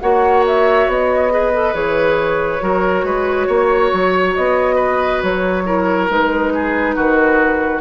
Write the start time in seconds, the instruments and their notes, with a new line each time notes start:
0.00 bassoon A#3, clarinet F#4, oboe C#5, flute F#5
0.47 flute E5
0.87 bassoon B3, flute D#5
1.30 clarinet G#4, oboe B4
1.54 clarinet A4
1.74 bassoon E3, clarinet G#4, flute C#5
2.60 bassoon F#3, clarinet F#4, oboe A#4
3.04 bassoon G#3, oboe B4
3.47 bassoon A#3, oboe C#5
3.93 bassoon F#3
4.35 bassoon B3, flute D#5
4.75 oboe B4
5.23 bassoon F#3, flute C#5
5.65 clarinet E4, oboe A#4
6.08 bassoon G#3, clarinet D#4, flute B4
6.54 oboe G#4
6.95 bassoon D#3, oboe F#4